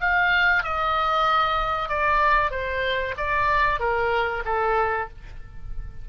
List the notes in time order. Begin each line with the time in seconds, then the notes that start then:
0.00 F5
0.63 D#5
1.89 D5
2.50 C5
3.17 D5
3.79 A#4
4.45 A4